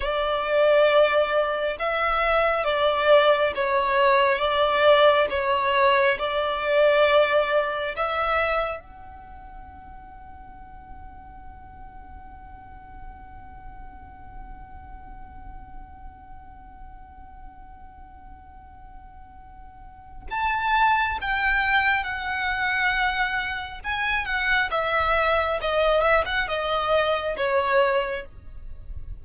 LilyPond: \new Staff \with { instrumentName = "violin" } { \time 4/4 \tempo 4 = 68 d''2 e''4 d''4 | cis''4 d''4 cis''4 d''4~ | d''4 e''4 fis''2~ | fis''1~ |
fis''1~ | fis''2. a''4 | g''4 fis''2 gis''8 fis''8 | e''4 dis''8 e''16 fis''16 dis''4 cis''4 | }